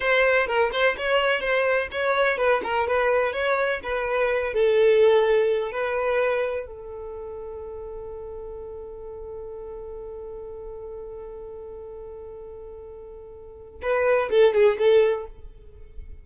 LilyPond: \new Staff \with { instrumentName = "violin" } { \time 4/4 \tempo 4 = 126 c''4 ais'8 c''8 cis''4 c''4 | cis''4 b'8 ais'8 b'4 cis''4 | b'4. a'2~ a'8 | b'2 a'2~ |
a'1~ | a'1~ | a'1~ | a'4 b'4 a'8 gis'8 a'4 | }